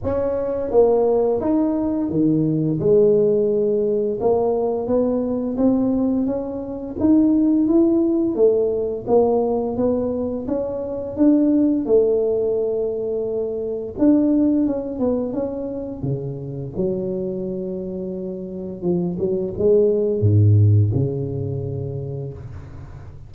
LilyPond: \new Staff \with { instrumentName = "tuba" } { \time 4/4 \tempo 4 = 86 cis'4 ais4 dis'4 dis4 | gis2 ais4 b4 | c'4 cis'4 dis'4 e'4 | a4 ais4 b4 cis'4 |
d'4 a2. | d'4 cis'8 b8 cis'4 cis4 | fis2. f8 fis8 | gis4 gis,4 cis2 | }